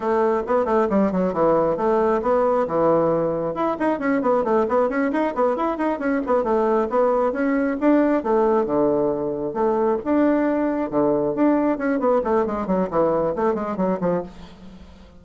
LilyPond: \new Staff \with { instrumentName = "bassoon" } { \time 4/4 \tempo 4 = 135 a4 b8 a8 g8 fis8 e4 | a4 b4 e2 | e'8 dis'8 cis'8 b8 a8 b8 cis'8 dis'8 | b8 e'8 dis'8 cis'8 b8 a4 b8~ |
b8 cis'4 d'4 a4 d8~ | d4. a4 d'4.~ | d'8 d4 d'4 cis'8 b8 a8 | gis8 fis8 e4 a8 gis8 fis8 f8 | }